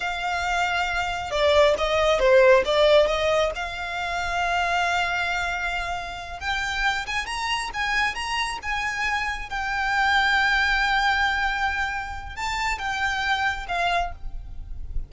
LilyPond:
\new Staff \with { instrumentName = "violin" } { \time 4/4 \tempo 4 = 136 f''2. d''4 | dis''4 c''4 d''4 dis''4 | f''1~ | f''2~ f''8 g''4. |
gis''8 ais''4 gis''4 ais''4 gis''8~ | gis''4. g''2~ g''8~ | g''1 | a''4 g''2 f''4 | }